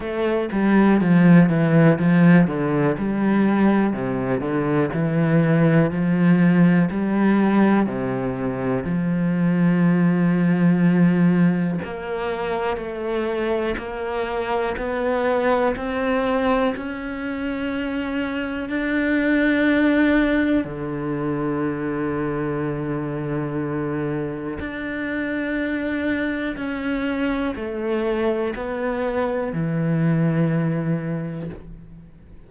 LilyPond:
\new Staff \with { instrumentName = "cello" } { \time 4/4 \tempo 4 = 61 a8 g8 f8 e8 f8 d8 g4 | c8 d8 e4 f4 g4 | c4 f2. | ais4 a4 ais4 b4 |
c'4 cis'2 d'4~ | d'4 d2.~ | d4 d'2 cis'4 | a4 b4 e2 | }